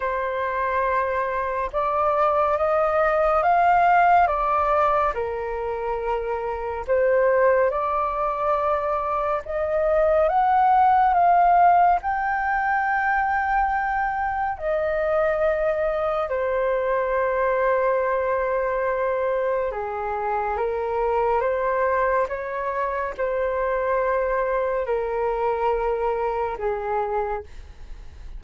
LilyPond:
\new Staff \with { instrumentName = "flute" } { \time 4/4 \tempo 4 = 70 c''2 d''4 dis''4 | f''4 d''4 ais'2 | c''4 d''2 dis''4 | fis''4 f''4 g''2~ |
g''4 dis''2 c''4~ | c''2. gis'4 | ais'4 c''4 cis''4 c''4~ | c''4 ais'2 gis'4 | }